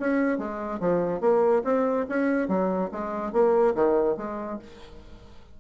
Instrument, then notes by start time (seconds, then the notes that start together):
bassoon
0.00 C#4
0.38 G#3
0.80 F3
1.21 A#3
1.64 C4
2.09 C#4
2.48 F#3
2.92 G#3
3.32 A#3
3.75 D#3
4.17 G#3